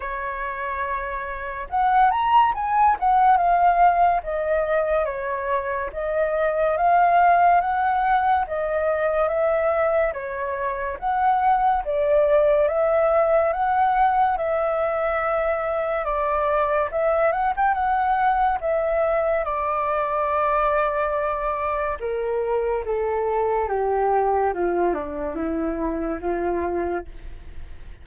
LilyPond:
\new Staff \with { instrumentName = "flute" } { \time 4/4 \tempo 4 = 71 cis''2 fis''8 ais''8 gis''8 fis''8 | f''4 dis''4 cis''4 dis''4 | f''4 fis''4 dis''4 e''4 | cis''4 fis''4 d''4 e''4 |
fis''4 e''2 d''4 | e''8 fis''16 g''16 fis''4 e''4 d''4~ | d''2 ais'4 a'4 | g'4 f'8 d'8 e'4 f'4 | }